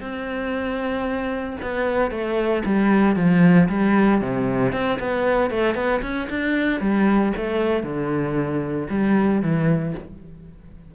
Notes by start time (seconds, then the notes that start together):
0.00 C4
1.62 B3
2.10 A3
2.65 G3
3.16 F3
3.69 G3
4.21 C3
4.72 C4
4.99 B3
5.50 A3
5.75 B3
6.02 C#4
6.29 D4
6.80 G3
7.37 A3
7.83 D3
8.89 G3
9.42 E3